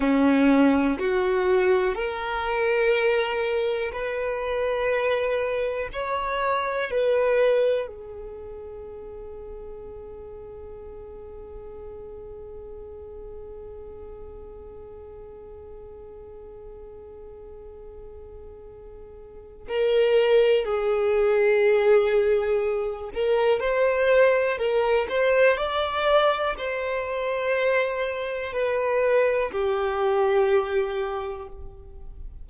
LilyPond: \new Staff \with { instrumentName = "violin" } { \time 4/4 \tempo 4 = 61 cis'4 fis'4 ais'2 | b'2 cis''4 b'4 | gis'1~ | gis'1~ |
gis'1 | ais'4 gis'2~ gis'8 ais'8 | c''4 ais'8 c''8 d''4 c''4~ | c''4 b'4 g'2 | }